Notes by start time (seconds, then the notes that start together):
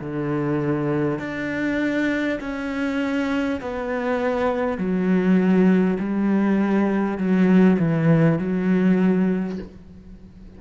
0.00 D3
1.19 D4
2.41 C#4
3.61 B3
4.78 F#3
5.99 G3
7.18 F#3
7.79 E3
8.39 F#3